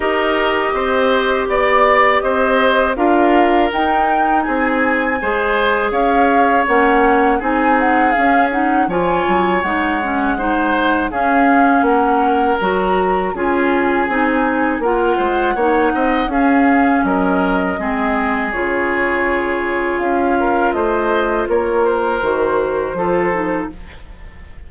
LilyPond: <<
  \new Staff \with { instrumentName = "flute" } { \time 4/4 \tempo 4 = 81 dis''2 d''4 dis''4 | f''4 g''4 gis''2 | f''4 fis''4 gis''8 fis''8 f''8 fis''8 | gis''4 fis''2 f''4 |
fis''4 ais''4 gis''2 | fis''2 f''4 dis''4~ | dis''4 cis''2 f''4 | dis''4 cis''8 c''2~ c''8 | }
  \new Staff \with { instrumentName = "oboe" } { \time 4/4 ais'4 c''4 d''4 c''4 | ais'2 gis'4 c''4 | cis''2 gis'2 | cis''2 c''4 gis'4 |
ais'2 gis'2 | ais'8 c''8 cis''8 dis''8 gis'4 ais'4 | gis'2.~ gis'8 ais'8 | c''4 ais'2 a'4 | }
  \new Staff \with { instrumentName = "clarinet" } { \time 4/4 g'1 | f'4 dis'2 gis'4~ | gis'4 cis'4 dis'4 cis'8 dis'8 | f'4 dis'8 cis'8 dis'4 cis'4~ |
cis'4 fis'4 f'4 dis'4 | f'4 dis'4 cis'2 | c'4 f'2.~ | f'2 fis'4 f'8 dis'8 | }
  \new Staff \with { instrumentName = "bassoon" } { \time 4/4 dis'4 c'4 b4 c'4 | d'4 dis'4 c'4 gis4 | cis'4 ais4 c'4 cis'4 | f8 fis8 gis2 cis'4 |
ais4 fis4 cis'4 c'4 | ais8 gis8 ais8 c'8 cis'4 fis4 | gis4 cis2 cis'4 | a4 ais4 dis4 f4 | }
>>